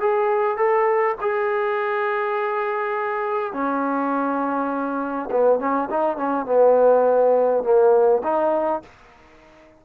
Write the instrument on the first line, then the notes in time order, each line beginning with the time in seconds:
trombone
0.00 G#4
0.57 A4
1.21 G#4
3.53 C#4
5.31 B3
5.59 C#4
5.90 D#4
6.17 C#4
6.46 B3
7.63 A#3
8.23 D#4